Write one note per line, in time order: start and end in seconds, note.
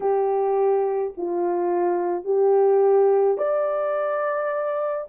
0.00 1.13 G4
1.17 2.24 F4
2.24 3.37 G4
3.37 5.07 D5